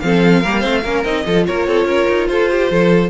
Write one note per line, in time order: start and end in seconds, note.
0.00 0.45 F3
0.00 0.44 C4
0.00 0.41 A4
0.00 1.03 F5
0.41 0.65 G3
0.41 0.61 A#3
0.41 0.60 A#4
0.60 0.84 A3
0.60 0.81 C4
0.60 0.81 C5
0.82 1.05 A#3
0.82 1.05 C#4
0.82 1.24 A#4
1.04 1.25 C4
1.04 1.25 D#4
1.04 1.45 D#5
1.25 1.47 F3
1.25 3.10 F4
1.25 1.47 A4
1.46 1.67 A#3
1.46 1.68 A#4
1.46 2.27 C#5
1.67 1.85 C4
1.67 1.87 A4
1.85 2.06 C#4
1.85 2.28 A#4
2.09 2.28 D#4
2.27 2.70 F4
2.27 2.51 A4
2.27 3.10 C5
2.51 2.72 G4
2.70 3.10 F3
2.70 3.10 A4